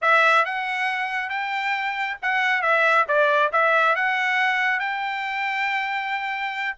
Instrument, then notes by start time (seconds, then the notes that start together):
trumpet
0.01 E5
0.45 F#5
1.29 G5
2.22 F#5
2.62 E5
3.08 D5
3.52 E5
3.95 F#5
4.79 G5